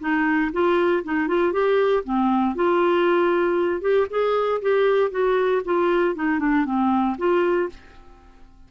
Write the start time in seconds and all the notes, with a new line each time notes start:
0.00 D#4
0.52 F4
1.04 D#4
1.28 F4
1.52 G4
2.04 C4
2.55 F4
3.81 G4
4.10 G#4
4.62 G4
5.11 F#4
5.65 F4
6.15 D#4
6.39 D4
6.65 C4
7.18 F4